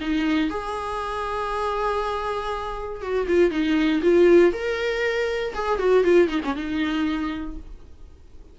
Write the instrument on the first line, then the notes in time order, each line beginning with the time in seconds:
viola
0.00 D#4
0.50 G#4
3.01 F#4
3.28 F4
3.51 D#4
4.02 F4
4.52 A#4
5.54 G#4
5.78 F#4
6.04 F4
6.28 D#4
6.44 C#4
6.55 D#4